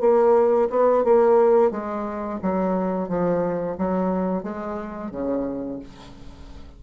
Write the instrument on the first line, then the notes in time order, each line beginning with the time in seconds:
bassoon
0.00 A#3
0.69 B3
1.04 A#3
1.71 G#3
2.42 F#3
3.08 F3
3.77 F#3
4.43 G#3
5.11 C#3